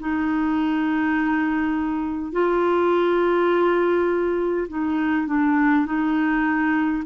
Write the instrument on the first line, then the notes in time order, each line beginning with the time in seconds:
clarinet
0.00 D#4
2.33 F4
4.68 D#4
5.27 D4
5.86 D#4